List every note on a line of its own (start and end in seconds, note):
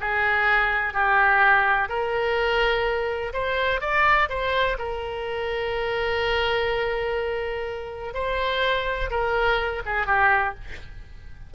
0.00 0.93 G#4
0.93 1.89 G4
1.89 3.33 A#4
3.33 3.81 C5
3.81 4.29 D5
4.29 4.77 C5
4.78 8.14 A#4
8.14 9.10 C5
9.10 9.82 A#4
9.85 10.06 G#4
10.06 10.54 G4